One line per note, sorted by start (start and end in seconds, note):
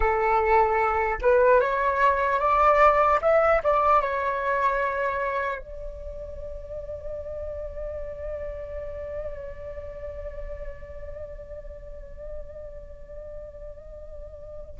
0.00 1.18 A4
1.21 1.60 B4
1.60 2.39 C#5
2.39 3.19 D5
3.21 3.61 E5
3.63 4.01 D5
4.01 5.59 C#5
5.59 14.79 D5